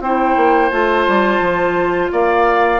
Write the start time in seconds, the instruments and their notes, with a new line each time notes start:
0.00 bassoon C4, clarinet E4, oboe C5, flute G5
0.36 bassoon A#3
0.69 bassoon A3, clarinet F4, flute A5
1.07 bassoon G3
1.40 bassoon F3
2.12 bassoon A#3, oboe D5, flute F5